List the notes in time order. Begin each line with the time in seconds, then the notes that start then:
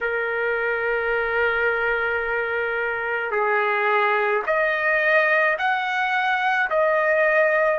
0.01 A#4
3.31 G#4
4.46 D#5
5.58 F#5
6.70 D#5